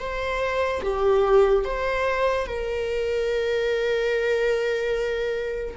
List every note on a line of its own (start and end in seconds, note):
0.00 0.82 C5
0.83 1.65 G4
1.65 2.47 C5
2.47 5.75 A#4